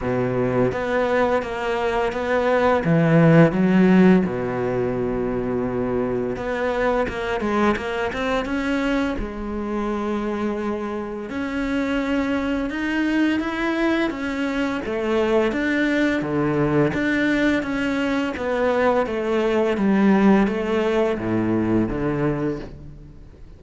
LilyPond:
\new Staff \with { instrumentName = "cello" } { \time 4/4 \tempo 4 = 85 b,4 b4 ais4 b4 | e4 fis4 b,2~ | b,4 b4 ais8 gis8 ais8 c'8 | cis'4 gis2. |
cis'2 dis'4 e'4 | cis'4 a4 d'4 d4 | d'4 cis'4 b4 a4 | g4 a4 a,4 d4 | }